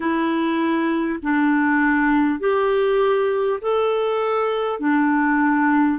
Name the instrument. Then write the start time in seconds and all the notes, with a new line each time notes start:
clarinet
0.00 E4
1.22 D4
2.39 G4
3.61 A4
4.79 D4